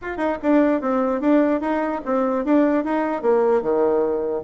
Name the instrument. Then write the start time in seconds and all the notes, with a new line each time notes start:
bassoon
0.01 F4
0.17 D#4
0.42 D4
0.81 C4
1.20 D4
1.61 D#4
2.05 C4
2.44 D4
2.84 D#4
3.22 A#3
3.61 D#3